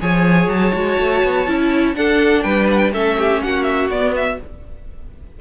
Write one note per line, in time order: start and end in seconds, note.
0.00 0.47 F3
0.00 0.73 G#4
0.00 1.96 C#5
0.00 0.49 G#5
0.47 0.72 F#3
0.47 1.95 A5
0.73 0.98 G#3
0.73 1.46 F#4
0.98 1.23 A3
1.23 1.47 B3
1.47 1.95 C#4
1.47 1.94 E4
1.94 2.92 D4
1.94 2.44 D4
1.94 2.44 A4
1.94 2.42 F#5
2.42 2.92 G3
2.42 2.92 B4
2.42 2.66 G5
2.71 2.78 F#5
2.78 2.90 G5
2.92 3.41 A3
2.92 3.91 C#4
2.92 3.17 A4
2.92 3.42 E5
3.18 3.42 G4
3.42 3.89 A#3
3.42 4.40 F#4
3.42 3.63 F#5
3.63 3.87 E5
3.89 4.38 B3
3.89 4.40 B3
3.89 4.15 D5
4.15 4.40 E5